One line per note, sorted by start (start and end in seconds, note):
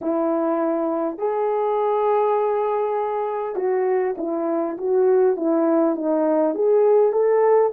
0.01 1.17 E4
1.17 3.55 G#4
3.55 4.14 F#4
4.17 4.77 E4
4.77 5.36 F#4
5.36 5.95 E4
5.95 6.54 D#4
6.54 7.12 G#4
7.12 7.71 A4